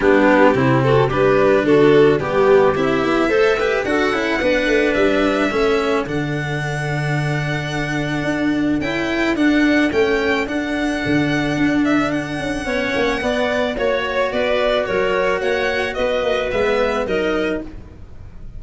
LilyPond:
<<
  \new Staff \with { instrumentName = "violin" } { \time 4/4 \tempo 4 = 109 g'4. a'8 b'4 a'4 | g'4 e''2 fis''4~ | fis''4 e''2 fis''4~ | fis''1 |
g''4 fis''4 g''4 fis''4~ | fis''4. e''8 fis''2~ | fis''4 cis''4 d''4 cis''4 | fis''4 dis''4 e''4 dis''4 | }
  \new Staff \with { instrumentName = "clarinet" } { \time 4/4 d'4 e'8 fis'8 g'4 fis'4 | g'2 c''8 b'8 a'4 | b'2 a'2~ | a'1~ |
a'1~ | a'2. cis''4 | d''4 cis''4 b'4 ais'4 | cis''4 b'2 ais'4 | }
  \new Staff \with { instrumentName = "cello" } { \time 4/4 b4 c'4 d'2 | b4 e'4 a'8 g'8 fis'8 e'8 | d'2 cis'4 d'4~ | d'1 |
e'4 d'4 cis'4 d'4~ | d'2. cis'4 | b4 fis'2.~ | fis'2 b4 dis'4 | }
  \new Staff \with { instrumentName = "tuba" } { \time 4/4 g4 c4 g4 d4 | g4 c'8 b8 a4 d'8 cis'8 | b8 a8 g4 a4 d4~ | d2. d'4 |
cis'4 d'4 a4 d'4 | d4 d'4. cis'8 b8 ais8 | b4 ais4 b4 fis4 | ais4 b8 ais8 gis4 fis4 | }
>>